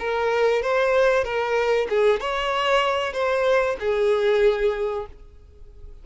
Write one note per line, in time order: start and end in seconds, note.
0.00 0.63 A#4
0.63 1.25 C5
1.25 1.88 A#4
1.90 2.21 G#4
2.21 3.13 C#5
3.13 3.77 C5
3.80 5.07 G#4